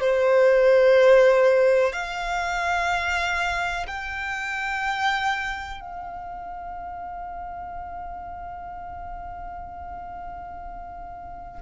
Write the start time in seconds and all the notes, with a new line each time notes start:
0.00 C5
1.93 F5
3.87 G5
5.81 F5